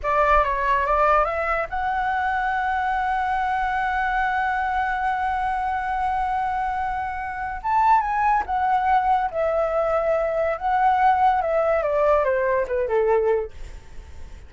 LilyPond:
\new Staff \with { instrumentName = "flute" } { \time 4/4 \tempo 4 = 142 d''4 cis''4 d''4 e''4 | fis''1~ | fis''1~ | fis''1~ |
fis''2 a''4 gis''4 | fis''2 e''2~ | e''4 fis''2 e''4 | d''4 c''4 b'8 a'4. | }